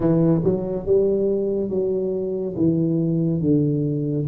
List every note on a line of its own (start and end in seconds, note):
0.00 0.42 E3
0.44 0.86 F#3
0.86 1.69 G3
1.69 2.55 F#3
2.56 3.41 E3
3.41 4.26 D3